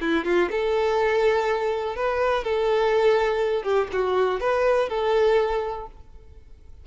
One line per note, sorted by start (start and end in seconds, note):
0.00 0.24 E4
0.24 0.49 F4
0.50 1.96 A4
1.96 2.43 B4
2.43 3.63 A4
3.63 3.87 G4
3.92 4.40 F#4
4.40 4.89 B4
4.89 5.86 A4